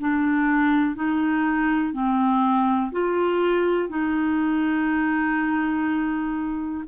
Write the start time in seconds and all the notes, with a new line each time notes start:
0.00 D4
0.96 D#4
1.94 C4
2.92 F4
3.89 D#4